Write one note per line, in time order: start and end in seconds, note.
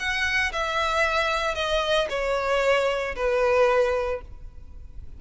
0.00 0.53 F#5
0.53 1.55 E5
1.55 2.08 D#5
2.10 3.16 C#5
3.16 4.22 B4